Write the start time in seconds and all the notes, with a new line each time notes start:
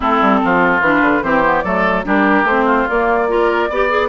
0.00 A3 C4 E4 A4
0.21 G3
0.43 F3 F4
0.80 E3 D4 B4
1.01 D3
1.22 E3 C4 G4 C5
1.43 B3
1.61 F#3 A3 A4 D5
2.04 G3 D4 G4 A#4
2.43 A3 C5
2.49 C4
2.65 F4
2.88 A#3 D5
3.28 F4 A#4
3.69 B3 G4 D5
3.89 G#4